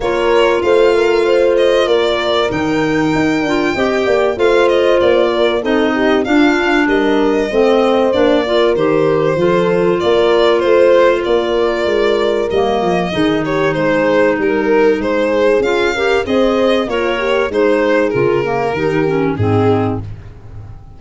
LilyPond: <<
  \new Staff \with { instrumentName = "violin" } { \time 4/4 \tempo 4 = 96 cis''4 f''4. dis''8 d''4 | g''2. f''8 dis''8 | d''4 dis''4 f''4 dis''4~ | dis''4 d''4 c''2 |
d''4 c''4 d''2 | dis''4. cis''8 c''4 ais'4 | c''4 f''4 dis''4 cis''4 | c''4 ais'2 gis'4 | }
  \new Staff \with { instrumentName = "horn" } { \time 4/4 ais'4 c''8 ais'8 c''4 ais'4~ | ais'2 dis''8 d''8 c''4~ | c''8 ais'8 a'8 g'8 f'4 ais'4 | c''4. ais'4. a'4 |
ais'4 c''4 ais'2~ | ais'4 gis'8 g'8 gis'4 ais'4 | gis'4. ais'8 c''4 f'8 g'8 | gis'2 g'4 dis'4 | }
  \new Staff \with { instrumentName = "clarinet" } { \time 4/4 f'1 | dis'4. f'8 g'4 f'4~ | f'4 dis'4 d'2 | c'4 d'8 f'8 g'4 f'4~ |
f'1 | ais4 dis'2.~ | dis'4 f'8 g'8 gis'4 ais'4 | dis'4 f'8 ais8 dis'8 cis'8 c'4 | }
  \new Staff \with { instrumentName = "tuba" } { \time 4/4 ais4 a2 ais4 | dis4 dis'8 d'8 c'8 ais8 a4 | ais4 c'4 d'4 g4 | a4 ais4 dis4 f4 |
ais4 a4 ais4 gis4 | g8 f8 dis4 gis4 g4 | gis4 cis'4 c'4 ais4 | gis4 cis4 dis4 gis,4 | }
>>